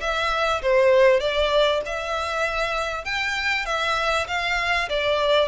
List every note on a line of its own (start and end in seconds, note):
0.00 0.61 E5
0.62 1.20 C5
1.20 1.81 D5
1.85 3.05 E5
3.05 3.65 G5
3.65 4.26 E5
4.27 4.88 F5
4.89 5.48 D5